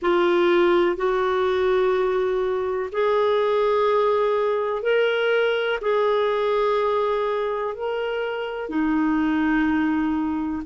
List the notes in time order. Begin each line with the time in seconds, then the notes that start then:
0.01 F4
0.96 F#4
2.92 G#4
4.82 A#4
5.81 G#4
7.74 A#4
8.69 D#4